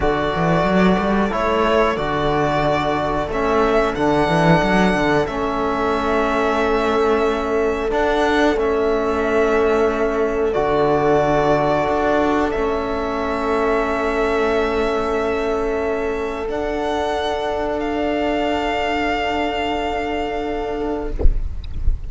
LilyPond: <<
  \new Staff \with { instrumentName = "violin" } { \time 4/4 \tempo 4 = 91 d''2 cis''4 d''4~ | d''4 e''4 fis''2 | e''1 | fis''4 e''2. |
d''2. e''4~ | e''1~ | e''4 fis''2 f''4~ | f''1 | }
  \new Staff \with { instrumentName = "violin" } { \time 4/4 a'1~ | a'1~ | a'1~ | a'1~ |
a'1~ | a'1~ | a'1~ | a'1 | }
  \new Staff \with { instrumentName = "trombone" } { \time 4/4 fis'2 e'4 fis'4~ | fis'4 cis'4 d'2 | cis'1 | d'4 cis'2. |
fis'2. cis'4~ | cis'1~ | cis'4 d'2.~ | d'1 | }
  \new Staff \with { instrumentName = "cello" } { \time 4/4 d8 e8 fis8 g8 a4 d4~ | d4 a4 d8 e8 fis8 d8 | a1 | d'4 a2. |
d2 d'4 a4~ | a1~ | a4 d'2.~ | d'1 | }
>>